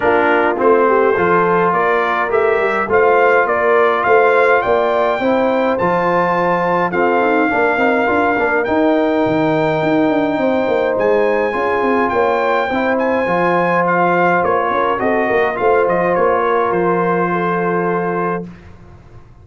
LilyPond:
<<
  \new Staff \with { instrumentName = "trumpet" } { \time 4/4 \tempo 4 = 104 ais'4 c''2 d''4 | e''4 f''4 d''4 f''4 | g''2 a''2 | f''2. g''4~ |
g''2. gis''4~ | gis''4 g''4. gis''4. | f''4 cis''4 dis''4 f''8 dis''8 | cis''4 c''2. | }
  \new Staff \with { instrumentName = "horn" } { \time 4/4 f'4. g'8 a'4 ais'4~ | ais'4 c''4 ais'4 c''4 | d''4 c''2. | a'4 ais'2.~ |
ais'2 c''2 | gis'4 cis''4 c''2~ | c''4. ais'8 a'8 ais'8 c''4~ | c''8 ais'4. a'2 | }
  \new Staff \with { instrumentName = "trombone" } { \time 4/4 d'4 c'4 f'2 | g'4 f'2.~ | f'4 e'4 f'2 | c'4 d'8 dis'8 f'8 d'8 dis'4~ |
dis'1 | f'2 e'4 f'4~ | f'2 fis'4 f'4~ | f'1 | }
  \new Staff \with { instrumentName = "tuba" } { \time 4/4 ais4 a4 f4 ais4 | a8 g8 a4 ais4 a4 | ais4 c'4 f2 | f'8 dis'8 ais8 c'8 d'8 ais8 dis'4 |
dis4 dis'8 d'8 c'8 ais8 gis4 | cis'8 c'8 ais4 c'4 f4~ | f4 ais8 cis'8 c'8 ais8 a8 f8 | ais4 f2. | }
>>